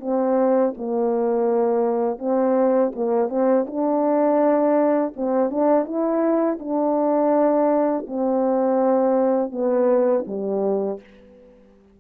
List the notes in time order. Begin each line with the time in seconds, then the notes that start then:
0.00 C4
0.77 A#3
2.19 C4
2.95 A#3
3.29 C4
3.67 D4
5.16 C4
5.50 D4
5.85 E4
6.60 D4
8.07 C4
9.52 B3
10.27 G3